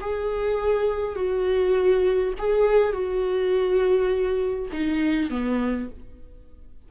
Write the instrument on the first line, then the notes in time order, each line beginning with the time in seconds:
viola
0.00 G#4
1.16 F#4
2.38 G#4
2.93 F#4
4.72 D#4
5.30 B3